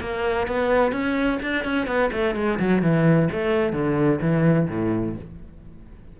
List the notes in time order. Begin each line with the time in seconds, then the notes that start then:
0.00 A#3
0.47 B3
0.92 C#4
1.42 D4
1.64 C#4
1.87 B3
2.12 A3
2.35 G#3
2.59 F#3
2.82 E3
3.31 A3
3.72 D3
4.21 E3
4.68 A2